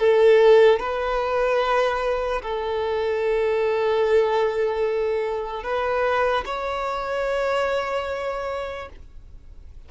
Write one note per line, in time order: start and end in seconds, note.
0.00 0.80 A4
0.80 2.42 B4
2.43 5.64 A4
5.64 6.45 B4
6.46 8.89 C#5